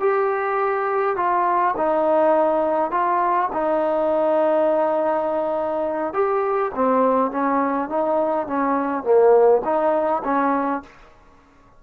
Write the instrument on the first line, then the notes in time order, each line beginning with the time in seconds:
trombone
0.00 G4
1.17 F4
1.77 D#4
2.91 F4
3.53 D#4
6.14 G4
6.75 C4
7.31 C#4
7.89 D#4
8.48 C#4
9.04 A#3
9.65 D#4
10.24 C#4